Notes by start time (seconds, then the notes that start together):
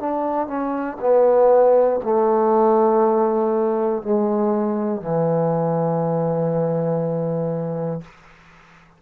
0.00 D4
0.48 C#4
1.01 B3
2.04 A3
4.03 G#3
5.02 E3